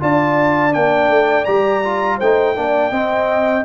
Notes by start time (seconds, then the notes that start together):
0.00 D4 F4 D5 A5
0.71 A#3 D4 G5
1.09 A3
1.45 G3 G4 A#5
1.84 F4
2.18 A3 D#4 C5 G5
2.55 A#3 D4 D5
2.91 C4 D#5